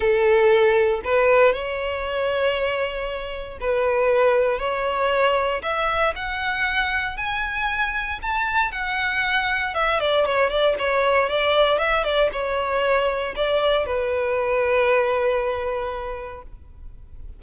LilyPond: \new Staff \with { instrumentName = "violin" } { \time 4/4 \tempo 4 = 117 a'2 b'4 cis''4~ | cis''2. b'4~ | b'4 cis''2 e''4 | fis''2 gis''2 |
a''4 fis''2 e''8 d''8 | cis''8 d''8 cis''4 d''4 e''8 d''8 | cis''2 d''4 b'4~ | b'1 | }